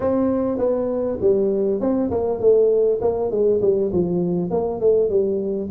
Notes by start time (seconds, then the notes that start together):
0.00 C4
0.58 B3
1.20 G3
1.80 C4
2.10 A#3
2.40 A3
3.01 A#3
3.30 G#3
3.61 G3
3.92 F3
4.50 A#3
4.80 A3
5.09 G3